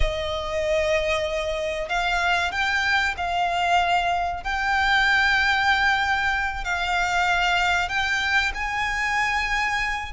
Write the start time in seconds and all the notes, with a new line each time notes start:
0.00 D#5
1.89 F5
2.51 G5
3.17 F5
4.43 G5
6.64 F5
7.88 G5
8.54 G#5